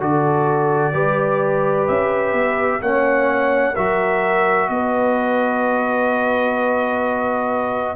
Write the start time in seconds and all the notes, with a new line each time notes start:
0.00 D3 F#4 A4 D5
0.93 G3 G4 B4
1.87 C#4 E5
2.33 B3
2.81 A#3 C#4 C#5 F#5
3.74 F#3 F#4 A#4 E5
4.69 B3 B4 D#5